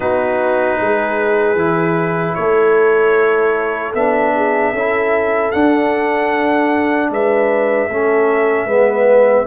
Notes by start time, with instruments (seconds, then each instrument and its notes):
0.00 tuba B3, trombone D#4, horn F#4, trumpet B4
0.79 tuba G#3, horn G#4
1.55 tuba E3, trombone E4
2.34 tuba A3, horn A4, trumpet C#5
3.94 tuba B3, trombone D4, trumpet E5
4.35 horn G#4
4.72 tuba C#4, trombone E4, horn A4
5.51 trombone D4, tuba D4, trumpet F#5
7.10 tuba G#3, horn B4, trumpet E5
7.88 tuba A3, trombone C#4, horn A4
8.65 tuba G#3, trombone B3, horn B4